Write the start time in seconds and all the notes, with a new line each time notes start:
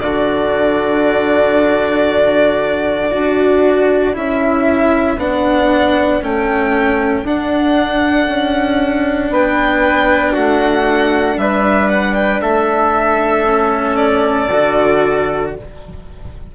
0.00 D3 D4 F#4 D5
3.10 D4 F#4 A4
4.13 C#4 E4 E5
5.17 B3 D4 F#5
6.22 A3 C#4 G5
7.23 D4 F#5
8.28 C#4
9.30 B3 B4 G5
10.33 A3 F#4 F#5
11.37 G3 B4 E5
11.89 F#5
12.14 G5
12.41 A3 A4 E5
13.46 C#4
13.96 D5
14.52 D3 F#4